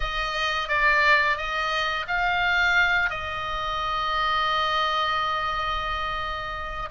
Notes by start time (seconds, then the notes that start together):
0.00 D#5
0.68 D5
1.37 D#5
2.07 F5
3.10 D#5